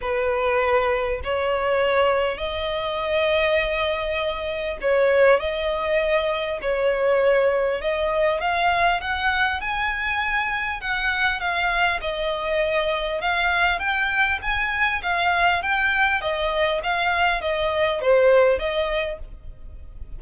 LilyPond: \new Staff \with { instrumentName = "violin" } { \time 4/4 \tempo 4 = 100 b'2 cis''2 | dis''1 | cis''4 dis''2 cis''4~ | cis''4 dis''4 f''4 fis''4 |
gis''2 fis''4 f''4 | dis''2 f''4 g''4 | gis''4 f''4 g''4 dis''4 | f''4 dis''4 c''4 dis''4 | }